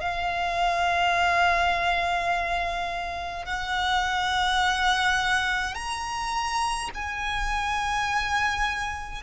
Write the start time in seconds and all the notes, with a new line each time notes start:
0.00 F5
3.45 F#5
5.74 A#5
6.94 G#5